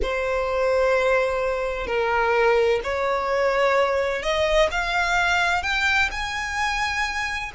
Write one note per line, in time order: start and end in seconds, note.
0.02 1.86 C5
1.86 2.80 A#4
2.83 4.22 C#5
4.22 4.69 D#5
4.71 5.62 F5
5.62 6.09 G5
6.11 7.51 G#5